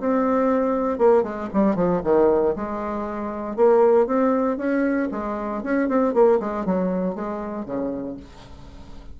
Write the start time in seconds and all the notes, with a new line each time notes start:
0.00 C4
0.98 A#3
1.23 G#3
1.53 G3
1.75 F3
2.04 D#3
2.56 G#3
3.56 A#3
4.07 C4
4.57 C#4
5.12 G#3
5.63 C#4
5.89 C4
6.14 A#3
6.40 G#3
6.65 F#3
7.15 G#3
7.65 C#3